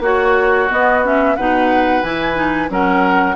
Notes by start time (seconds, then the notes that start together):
0.00 A#3 F#4 C#5
0.69 B3 D#5
1.03 C#4 E5
1.36 B2 D#4 B4 F#5
2.02 E3 E4 G#5
2.35 D#4
2.69 F#3 C#4 A#4 F#5